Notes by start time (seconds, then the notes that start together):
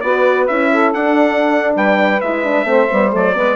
0.00 B3 F#4 B4 D5
0.47 C#4 E4 E5
0.72 A4
0.93 D4 F#5
1.75 G3 B4 G5
2.20 G#3 E4 E5
2.44 D4
2.63 A3 C4
2.70 C5
2.90 G3 B3
3.10 F#3 A3 D5
3.34 G#3 B3 B4